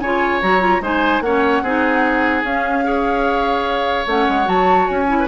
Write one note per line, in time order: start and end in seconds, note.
0.00 0.42 C#3
0.00 0.42 F4
0.00 0.82 C#5
0.00 0.41 G#5
0.42 0.81 F#3
0.42 0.61 F#4
0.42 0.83 A#5
0.61 0.81 F4
0.81 1.21 G#3
0.81 1.23 D#4
0.81 1.23 C5
0.81 1.22 G#5
1.21 1.61 A#3
1.21 1.65 C#4
1.21 1.63 C#5
1.21 2.43 F#5
1.62 2.43 C4
1.62 2.45 D#4
1.62 2.85 G#4
2.43 4.06 C#4
2.43 2.84 C#4
2.43 4.07 F5
2.84 4.06 G#4
2.84 5.19 C#5
4.07 4.27 A3
4.07 4.45 C#4
4.07 4.48 F#5
4.28 4.47 G#3
4.45 4.88 F#3
4.45 5.05 F#4
4.45 4.87 A5
4.87 5.28 C#4
4.87 5.28 G#5
5.08 5.28 E4
5.20 5.28 B4